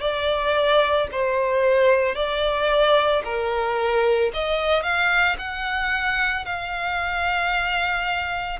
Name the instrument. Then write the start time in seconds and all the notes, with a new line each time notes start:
violin
0.00 D5
1.11 C5
2.15 D5
3.24 A#4
4.33 D#5
4.82 F5
5.38 F#5
6.45 F5